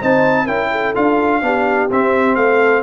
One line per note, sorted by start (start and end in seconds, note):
0.00 0.47 C4
0.00 0.48 D#4
0.00 0.45 C5
0.00 0.47 A5
0.45 0.94 C#4
0.45 0.95 E4
0.45 0.69 A#4
0.45 0.94 G5
0.72 1.42 A4
0.95 1.42 D4
0.95 1.42 F4
0.95 1.90 F5
1.42 1.89 B3
1.42 1.90 D4
1.42 2.39 G4
1.91 2.36 C4
1.91 2.83 C4
1.91 2.36 E5
2.36 2.83 A3
2.36 2.83 A4
2.36 2.83 F5